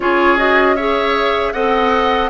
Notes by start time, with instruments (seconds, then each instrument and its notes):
0.00 bassoon C#4, clarinet F4, oboe G#4, flute C#5
0.37 clarinet F#4, flute D#5
0.75 clarinet G#4, oboe C#5, flute E5
1.53 bassoon C4, clarinet A4, oboe D#5, flute F#5